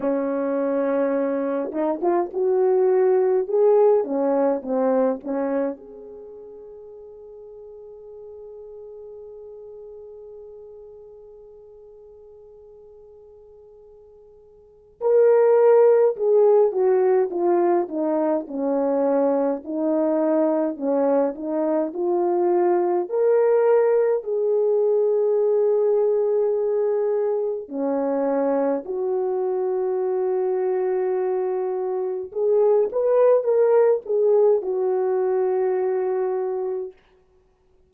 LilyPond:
\new Staff \with { instrumentName = "horn" } { \time 4/4 \tempo 4 = 52 cis'4. dis'16 f'16 fis'4 gis'8 cis'8 | c'8 cis'8 gis'2.~ | gis'1~ | gis'4 ais'4 gis'8 fis'8 f'8 dis'8 |
cis'4 dis'4 cis'8 dis'8 f'4 | ais'4 gis'2. | cis'4 fis'2. | gis'8 b'8 ais'8 gis'8 fis'2 | }